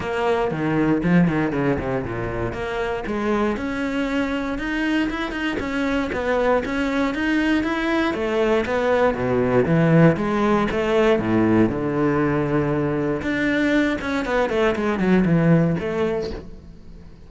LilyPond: \new Staff \with { instrumentName = "cello" } { \time 4/4 \tempo 4 = 118 ais4 dis4 f8 dis8 cis8 c8 | ais,4 ais4 gis4 cis'4~ | cis'4 dis'4 e'8 dis'8 cis'4 | b4 cis'4 dis'4 e'4 |
a4 b4 b,4 e4 | gis4 a4 a,4 d4~ | d2 d'4. cis'8 | b8 a8 gis8 fis8 e4 a4 | }